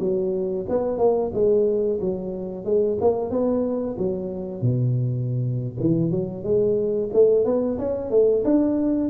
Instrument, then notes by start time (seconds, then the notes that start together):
tuba
0.00 F#3
0.69 B3
0.98 A#3
1.34 G#3
2.01 F#3
2.65 G#3
3.01 A#3
3.31 B3
3.98 F#3
4.62 B2
5.80 E3
6.11 F#3
6.44 G#3
7.13 A3
7.45 B3
7.79 C#4
8.11 A3
8.45 D4